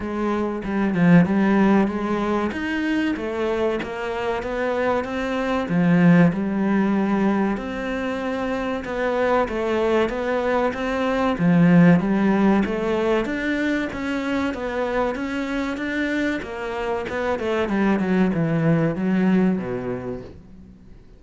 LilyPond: \new Staff \with { instrumentName = "cello" } { \time 4/4 \tempo 4 = 95 gis4 g8 f8 g4 gis4 | dis'4 a4 ais4 b4 | c'4 f4 g2 | c'2 b4 a4 |
b4 c'4 f4 g4 | a4 d'4 cis'4 b4 | cis'4 d'4 ais4 b8 a8 | g8 fis8 e4 fis4 b,4 | }